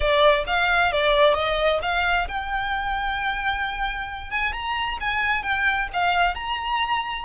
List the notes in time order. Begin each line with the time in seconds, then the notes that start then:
0.00 D5
0.46 F5
0.92 D5
1.34 D#5
1.82 F5
2.27 G5
4.30 G#5
4.52 A#5
5.00 G#5
5.42 G5
5.93 F5
6.35 A#5